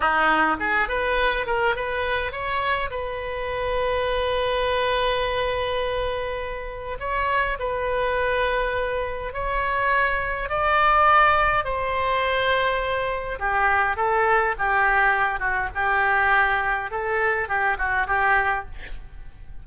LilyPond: \new Staff \with { instrumentName = "oboe" } { \time 4/4 \tempo 4 = 103 dis'4 gis'8 b'4 ais'8 b'4 | cis''4 b'2.~ | b'1 | cis''4 b'2. |
cis''2 d''2 | c''2. g'4 | a'4 g'4. fis'8 g'4~ | g'4 a'4 g'8 fis'8 g'4 | }